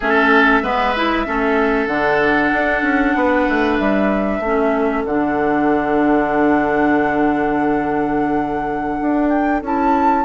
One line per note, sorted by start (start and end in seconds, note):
0.00 0.62 A3
0.00 0.63 C#4
0.00 0.62 A4
0.00 1.87 E5
0.62 1.25 G#3
0.62 0.94 B3
0.62 1.26 B4
0.96 1.25 E4
1.25 1.87 A3
1.25 1.88 C#4
1.25 3.16 A4
1.87 2.50 D3
1.87 4.41 D4
1.87 3.76 F#5
2.52 2.82 D4
2.82 3.14 C#4
3.15 3.47 B3
3.15 4.43 B4
3.48 3.79 A3
3.77 4.39 G3
3.77 5.03 E5
4.39 5.02 A3
4.39 5.07 C#4
4.39 10.24 A4
5.05 8.99 D3
5.05 9.64 D4
5.05 9.29 F#5
9.00 9.62 D4
9.29 9.60 G5
9.62 10.24 C#4
9.62 10.24 E4
9.62 10.24 A5